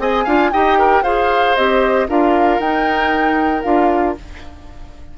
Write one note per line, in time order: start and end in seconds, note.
0.00 0.26 C4
0.00 0.26 G#4
0.00 0.25 D#5
0.00 0.53 G#5
0.25 0.53 D4
0.25 0.53 F4
0.25 0.51 F5
0.53 1.02 D#4
0.53 1.05 G4
0.53 0.79 D#5
0.53 1.04 G5
0.79 1.03 A#4
1.02 1.55 F4
1.02 1.57 G#4
1.02 2.08 C5
1.02 1.56 F5
1.56 2.09 C4
1.56 2.09 G4
1.56 2.08 D#5
2.09 2.59 D4
2.09 2.61 F4
2.09 4.18 A#4
2.09 2.60 F5
2.59 3.64 D#4
2.59 3.63 D#4
2.59 3.63 G5
3.63 4.17 D4
3.63 4.16 F4
3.63 4.15 F5